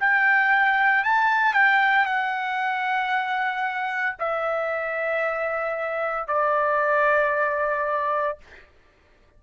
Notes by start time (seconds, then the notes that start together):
0.00 G5
1.04 A5
1.54 G5
2.05 F#5
4.19 E5
6.27 D5